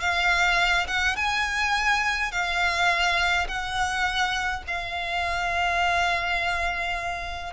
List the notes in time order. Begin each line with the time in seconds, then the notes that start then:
0.00 F5
0.87 F#5
1.16 G#5
2.32 F5
3.48 F#5
4.67 F5